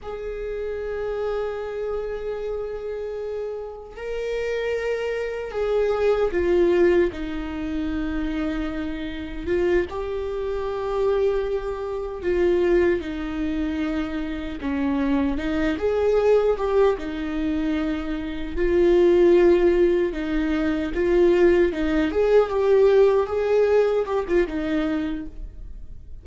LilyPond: \new Staff \with { instrumentName = "viola" } { \time 4/4 \tempo 4 = 76 gis'1~ | gis'4 ais'2 gis'4 | f'4 dis'2. | f'8 g'2. f'8~ |
f'8 dis'2 cis'4 dis'8 | gis'4 g'8 dis'2 f'8~ | f'4. dis'4 f'4 dis'8 | gis'8 g'4 gis'4 g'16 f'16 dis'4 | }